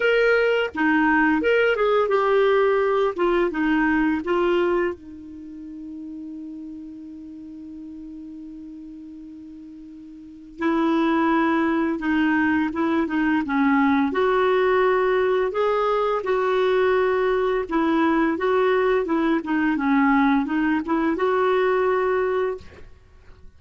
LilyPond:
\new Staff \with { instrumentName = "clarinet" } { \time 4/4 \tempo 4 = 85 ais'4 dis'4 ais'8 gis'8 g'4~ | g'8 f'8 dis'4 f'4 dis'4~ | dis'1~ | dis'2. e'4~ |
e'4 dis'4 e'8 dis'8 cis'4 | fis'2 gis'4 fis'4~ | fis'4 e'4 fis'4 e'8 dis'8 | cis'4 dis'8 e'8 fis'2 | }